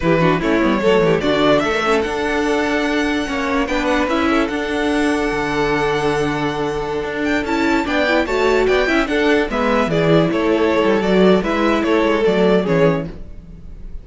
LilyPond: <<
  \new Staff \with { instrumentName = "violin" } { \time 4/4 \tempo 4 = 147 b'4 cis''2 d''4 | e''4 fis''2.~ | fis''4 g''8 fis''8 e''4 fis''4~ | fis''1~ |
fis''4.~ fis''16 g''8 a''4 g''8.~ | g''16 a''4 g''4 fis''4 e''8.~ | e''16 d''4 cis''4.~ cis''16 d''4 | e''4 cis''4 d''4 cis''4 | }
  \new Staff \with { instrumentName = "violin" } { \time 4/4 g'8 fis'8 e'4 a'8 g'8 fis'4 | a'1 | cis''4 b'4. a'4.~ | a'1~ |
a'2.~ a'16 d''8.~ | d''16 cis''4 d''8 e''8 a'4 b'8.~ | b'16 gis'4 a'2~ a'8. | b'4 a'2 gis'4 | }
  \new Staff \with { instrumentName = "viola" } { \time 4/4 e'8 d'8 cis'8 b8 a4 d'4~ | d'16 ais'16 cis'8 d'2. | cis'4 d'4 e'4 d'4~ | d'1~ |
d'2~ d'16 e'4 d'8 e'16~ | e'16 fis'4. e'8 d'4 b8.~ | b16 e'2~ e'8. fis'4 | e'2 a4 cis'4 | }
  \new Staff \with { instrumentName = "cello" } { \time 4/4 e4 a8 g8 fis8 e8 d4 | a4 d'2. | ais4 b4 cis'4 d'4~ | d'4 d2.~ |
d4~ d16 d'4 cis'4 b8.~ | b16 a4 b8 cis'8 d'4 gis8.~ | gis16 e4 a4~ a16 g8 fis4 | gis4 a8 gis8 fis4 e4 | }
>>